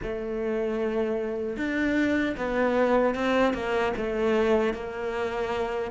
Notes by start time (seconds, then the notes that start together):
0.02 A3
1.56 D4
2.37 B3
3.14 C4
3.53 A#3
3.97 A3
4.73 A#3